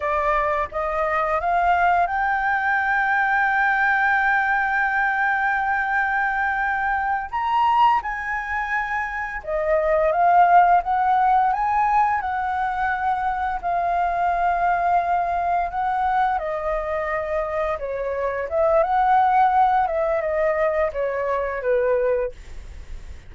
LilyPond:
\new Staff \with { instrumentName = "flute" } { \time 4/4 \tempo 4 = 86 d''4 dis''4 f''4 g''4~ | g''1~ | g''2~ g''8 ais''4 gis''8~ | gis''4. dis''4 f''4 fis''8~ |
fis''8 gis''4 fis''2 f''8~ | f''2~ f''8 fis''4 dis''8~ | dis''4. cis''4 e''8 fis''4~ | fis''8 e''8 dis''4 cis''4 b'4 | }